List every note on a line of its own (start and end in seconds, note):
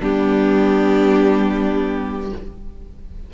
0.00 2.32 G3
0.00 2.31 B3
0.00 2.31 D4
0.00 2.34 G4